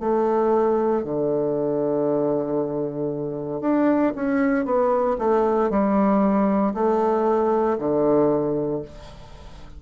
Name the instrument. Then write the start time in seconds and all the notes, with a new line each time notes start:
bassoon
0.00 A3
1.03 D3
3.61 D4
4.15 C#4
4.65 B3
5.19 A3
5.70 G3
6.74 A3
7.78 D3